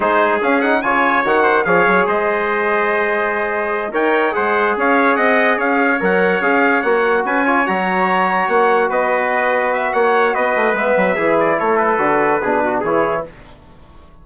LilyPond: <<
  \new Staff \with { instrumentName = "trumpet" } { \time 4/4 \tempo 4 = 145 c''4 f''8 fis''8 gis''4 fis''4 | f''4 dis''2.~ | dis''4. g''4 fis''4 f''8~ | f''8 fis''4 f''4 fis''4 f''8~ |
f''8 fis''4 gis''4 ais''4.~ | ais''8 fis''4 dis''2 e''8 | fis''4 dis''4 e''4. d''8 | cis''8 b'2~ b'8 cis''4 | }
  \new Staff \with { instrumentName = "trumpet" } { \time 4/4 gis'2 cis''4. c''8 | cis''4 c''2.~ | c''4. cis''4 c''4 cis''8~ | cis''8 dis''4 cis''2~ cis''8~ |
cis''4. b'8 cis''2~ | cis''4. b'2~ b'8 | cis''4 b'2 gis'4 | a'2 gis'8 fis'8 gis'4 | }
  \new Staff \with { instrumentName = "trombone" } { \time 4/4 dis'4 cis'8 dis'8 f'4 fis'4 | gis'1~ | gis'4. ais'4 gis'4.~ | gis'2~ gis'8 ais'4 gis'8~ |
gis'8 fis'4. f'8 fis'4.~ | fis'1~ | fis'2 b4 e'4~ | e'4 fis'4 d'4 e'4 | }
  \new Staff \with { instrumentName = "bassoon" } { \time 4/4 gis4 cis'4 cis4 dis4 | f8 fis8 gis2.~ | gis4. dis'4 gis4 cis'8~ | cis'8 c'4 cis'4 fis4 cis'8~ |
cis'8 ais4 cis'4 fis4.~ | fis8 ais4 b2~ b8 | ais4 b8 a8 gis8 fis8 e4 | a4 d4 b,4 e4 | }
>>